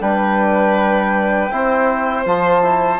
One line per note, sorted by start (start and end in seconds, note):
0.00 1.51 G3
0.00 1.50 D4
0.00 1.52 B4
0.00 2.26 G5
1.51 2.26 C4
1.51 2.26 E4
1.51 3.00 C5
2.26 3.00 F3
2.26 2.63 F4
2.26 3.00 A5
2.63 3.00 E4